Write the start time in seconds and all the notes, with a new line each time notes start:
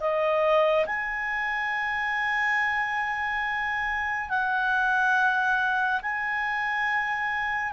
0.00 D#5
0.86 G#5
4.29 F#5
6.02 G#5